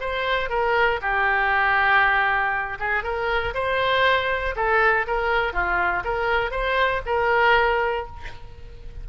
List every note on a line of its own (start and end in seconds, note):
0.00 0.49 C5
0.49 1.00 A#4
1.01 2.78 G4
2.79 3.03 G#4
3.03 3.53 A#4
3.54 4.55 C5
4.55 5.06 A4
5.07 5.53 A#4
5.53 6.03 F4
6.04 6.50 A#4
6.50 7.01 C5
7.05 8.06 A#4